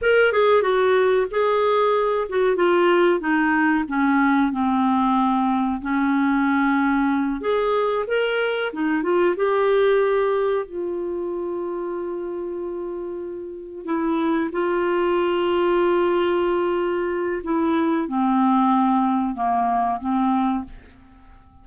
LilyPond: \new Staff \with { instrumentName = "clarinet" } { \time 4/4 \tempo 4 = 93 ais'8 gis'8 fis'4 gis'4. fis'8 | f'4 dis'4 cis'4 c'4~ | c'4 cis'2~ cis'8 gis'8~ | gis'8 ais'4 dis'8 f'8 g'4.~ |
g'8 f'2.~ f'8~ | f'4. e'4 f'4.~ | f'2. e'4 | c'2 ais4 c'4 | }